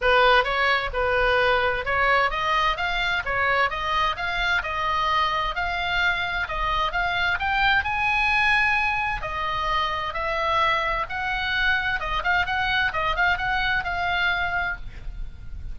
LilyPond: \new Staff \with { instrumentName = "oboe" } { \time 4/4 \tempo 4 = 130 b'4 cis''4 b'2 | cis''4 dis''4 f''4 cis''4 | dis''4 f''4 dis''2 | f''2 dis''4 f''4 |
g''4 gis''2. | dis''2 e''2 | fis''2 dis''8 f''8 fis''4 | dis''8 f''8 fis''4 f''2 | }